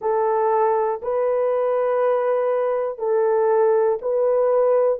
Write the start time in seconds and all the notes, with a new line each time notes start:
0.00 A4
1.02 B4
2.98 A4
4.01 B4